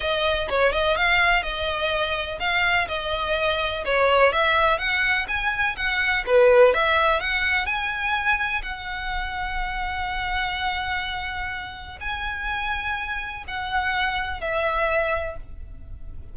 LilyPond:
\new Staff \with { instrumentName = "violin" } { \time 4/4 \tempo 4 = 125 dis''4 cis''8 dis''8 f''4 dis''4~ | dis''4 f''4 dis''2 | cis''4 e''4 fis''4 gis''4 | fis''4 b'4 e''4 fis''4 |
gis''2 fis''2~ | fis''1~ | fis''4 gis''2. | fis''2 e''2 | }